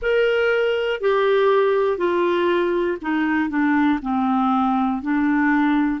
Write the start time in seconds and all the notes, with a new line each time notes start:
0.02 A#4
1.00 G4
1.97 F4
3.01 D#4
3.50 D4
4.01 C4
5.01 D4